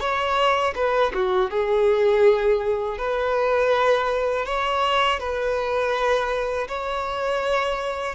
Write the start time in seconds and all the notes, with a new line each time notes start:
0.00 C#5
0.75 B4
1.14 F#4
1.51 G#4
2.98 B4
4.46 C#5
5.20 B4
6.68 C#5